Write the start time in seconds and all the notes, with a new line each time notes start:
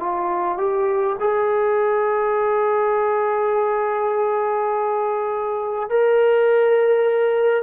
0.00 F4
0.58 G4
1.20 G#4
5.90 A#4